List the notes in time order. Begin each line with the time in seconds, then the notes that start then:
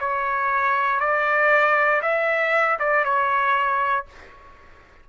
0.00 C#5
1.00 D5
2.02 E5
2.79 D5
3.05 C#5